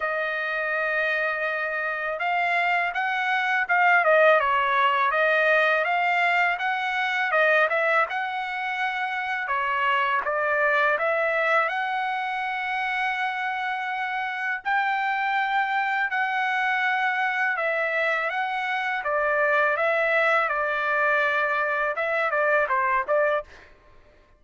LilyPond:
\new Staff \with { instrumentName = "trumpet" } { \time 4/4 \tempo 4 = 82 dis''2. f''4 | fis''4 f''8 dis''8 cis''4 dis''4 | f''4 fis''4 dis''8 e''8 fis''4~ | fis''4 cis''4 d''4 e''4 |
fis''1 | g''2 fis''2 | e''4 fis''4 d''4 e''4 | d''2 e''8 d''8 c''8 d''8 | }